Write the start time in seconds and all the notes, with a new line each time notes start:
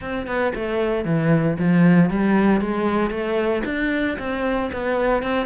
0.01 C4
0.26 B3
0.55 A3
1.05 E3
1.58 F3
2.10 G3
2.60 G#3
3.10 A3
3.65 D4
4.18 C4
4.72 B3
5.22 C4